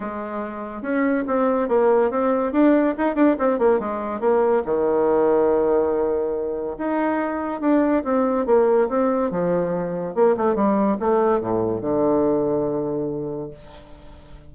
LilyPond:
\new Staff \with { instrumentName = "bassoon" } { \time 4/4 \tempo 4 = 142 gis2 cis'4 c'4 | ais4 c'4 d'4 dis'8 d'8 | c'8 ais8 gis4 ais4 dis4~ | dis1 |
dis'2 d'4 c'4 | ais4 c'4 f2 | ais8 a8 g4 a4 a,4 | d1 | }